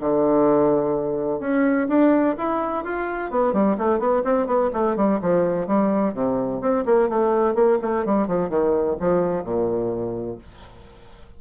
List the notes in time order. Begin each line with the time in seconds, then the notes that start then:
0.00 D3
1.40 C#4
1.88 D4
2.38 E4
2.84 F4
3.31 B3
3.53 G3
3.78 A3
3.99 B3
4.24 C4
4.46 B3
4.73 A3
4.96 G3
5.22 F3
5.67 G3
6.14 C3
6.61 C4
6.85 A#3
7.09 A3
7.54 A#3
7.82 A3
8.05 G3
8.27 F3
8.50 D#3
9.00 F3
9.44 A#2